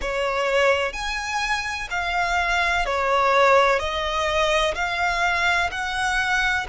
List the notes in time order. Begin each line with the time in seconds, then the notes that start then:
0.01 C#5
0.92 G#5
1.90 F5
2.85 C#5
3.79 D#5
4.74 F5
5.71 F#5